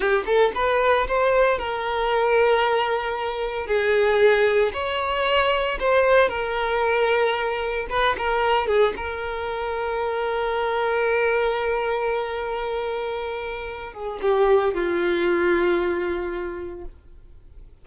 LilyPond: \new Staff \with { instrumentName = "violin" } { \time 4/4 \tempo 4 = 114 g'8 a'8 b'4 c''4 ais'4~ | ais'2. gis'4~ | gis'4 cis''2 c''4 | ais'2. b'8 ais'8~ |
ais'8 gis'8 ais'2.~ | ais'1~ | ais'2~ ais'8 gis'8 g'4 | f'1 | }